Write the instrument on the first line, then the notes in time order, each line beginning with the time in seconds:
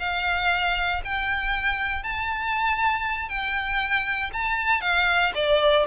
violin
0.00 F5
1.05 G5
2.03 A5
3.29 G5
4.34 A5
4.82 F5
5.35 D5